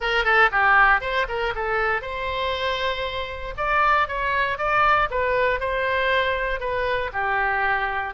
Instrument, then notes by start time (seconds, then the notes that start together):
oboe
0.00 A#4
0.24 A4
0.51 G4
1.01 C5
1.28 A#4
1.55 A4
2.01 C5
3.57 D5
4.08 C#5
4.58 D5
5.10 B4
5.60 C5
6.60 B4
7.12 G4